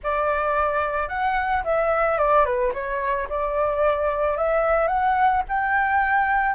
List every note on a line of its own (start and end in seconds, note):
0.03 1.08 D5
1.08 1.63 F#5
1.63 2.17 E5
2.17 2.45 D5
2.45 2.72 B4
2.73 3.28 C#5
3.29 4.37 D5
4.37 4.87 E5
4.87 5.42 F#5
5.48 6.55 G5